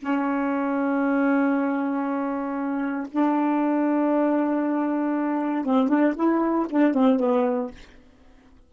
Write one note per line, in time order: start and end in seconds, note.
0.00 3.08 C#4
3.12 5.66 D4
5.66 5.89 C4
5.89 6.14 D4
6.16 6.67 E4
6.70 6.94 D4
6.94 7.20 C4
7.20 7.71 B3